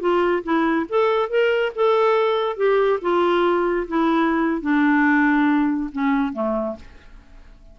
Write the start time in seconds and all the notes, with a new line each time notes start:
0.00 F4
0.43 E4
0.89 A4
1.29 A#4
1.75 A4
2.57 G4
3.01 F4
3.88 E4
4.61 D4
5.92 C#4
6.33 A3